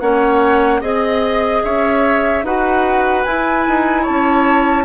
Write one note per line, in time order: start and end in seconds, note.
0.00 0.82 A#3
0.00 0.81 C#4
0.00 0.81 C#5
0.00 0.81 F#5
0.81 1.63 C4
0.81 2.43 G#4
0.81 1.62 D#5
0.81 1.64 D#5
1.64 2.43 C#4
1.64 2.45 C#5
1.64 2.45 E5
2.43 3.24 D#4
2.43 3.26 F#4
2.43 4.02 B4
2.43 3.23 F#5
3.23 3.67 E4
3.23 4.85 E4
3.23 4.04 G#5
3.67 4.08 D#4
4.02 4.83 C#5
4.02 4.85 A5
4.09 4.85 C#4